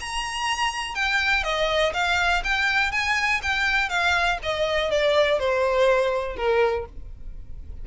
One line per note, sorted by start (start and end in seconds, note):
0.00 0.95 A#5
0.95 1.44 G5
1.44 1.93 D#5
1.94 2.43 F5
2.44 2.92 G5
2.92 3.41 G#5
3.42 3.89 G5
3.89 4.38 F5
4.43 4.91 D#5
4.91 5.39 D5
5.39 6.37 C5
6.37 6.86 A#4